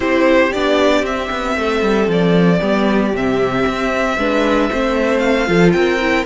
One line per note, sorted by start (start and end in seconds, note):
0.00 0.51 C4
0.00 0.51 E4
0.00 1.56 G4
0.00 0.52 C5
0.52 1.02 B3
0.52 1.05 D4
0.52 1.04 D5
1.02 1.28 C4
1.02 2.61 C4
1.02 2.10 E5
1.30 1.56 B3
1.56 1.81 A3
1.56 2.60 A4
1.81 2.07 G3
2.07 2.60 F3
2.07 3.16 D5
2.60 3.12 G3
2.60 3.13 B3
2.60 4.16 G4
3.12 3.64 C3
3.12 4.19 C4
3.12 5.18 E5
3.66 4.17 C4
4.17 4.69 G#3
4.17 4.71 D4
4.17 4.70 B4
4.70 5.48 A3
4.70 5.46 C4
4.70 5.48 C5
5.18 5.71 F5
5.46 5.74 F3
5.46 5.98 F4
5.46 5.74 A4
5.72 6.26 C4
5.72 6.26 A#4
5.72 6.24 G5
6.00 6.26 E4